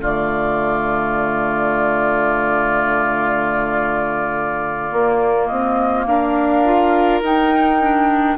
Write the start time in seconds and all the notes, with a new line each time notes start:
0.00 D3 A3 F4 D5
4.91 A#3
5.46 C4 D#5
6.06 D4 A#4 F5
6.64 F4
7.22 D#4 G5
7.80 D4